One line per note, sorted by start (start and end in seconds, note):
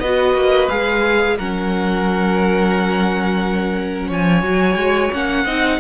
0.00 0.34 B3
0.00 0.69 F#4
0.00 1.36 B4
0.00 0.68 D#5
0.34 0.68 A#3
0.69 1.38 G#3
0.69 1.37 G#4
0.69 1.37 F5
1.36 4.10 F#3
1.36 4.44 C#4
1.36 4.07 A#4
1.36 4.11 F#5
4.07 4.43 F3
4.07 5.43 C#5
4.07 5.13 G#5
4.43 4.75 F#3
4.43 5.12 F#4
4.75 5.09 G#3
5.12 5.45 A#3
5.12 5.46 C#4
5.12 5.80 F#5
5.44 5.80 C4
5.44 5.80 D#4
5.44 5.79 D#5